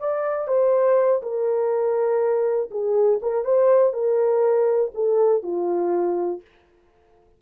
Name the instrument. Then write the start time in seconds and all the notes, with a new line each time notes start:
horn
0.00 D5
0.48 C5
1.23 A#4
2.71 G#4
3.22 A#4
3.45 C5
3.94 A#4
4.95 A4
5.43 F4